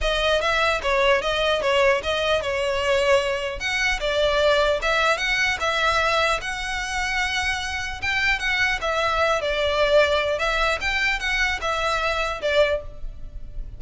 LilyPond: \new Staff \with { instrumentName = "violin" } { \time 4/4 \tempo 4 = 150 dis''4 e''4 cis''4 dis''4 | cis''4 dis''4 cis''2~ | cis''4 fis''4 d''2 | e''4 fis''4 e''2 |
fis''1 | g''4 fis''4 e''4. d''8~ | d''2 e''4 g''4 | fis''4 e''2 d''4 | }